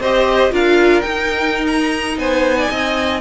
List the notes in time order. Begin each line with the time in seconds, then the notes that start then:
0.00 C4 G4 C5 D#5
0.51 D4 F4 A#4 F5
1.01 D#4 G5
1.67 A#5
2.17 B3 C5 G#5
2.58 D5
2.71 C4 D#5